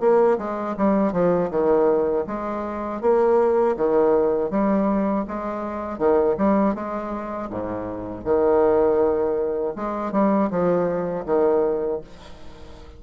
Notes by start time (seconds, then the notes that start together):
0.00 A#3
0.38 G#3
0.77 G3
1.12 F3
1.50 D#3
2.27 G#3
3.01 A#3
3.76 D#3
4.50 G3
5.28 G#3
5.98 D#3
6.38 G3
6.75 G#3
7.50 G#2
8.24 D#3
9.76 G#3
10.12 G3
10.50 F3
11.26 D#3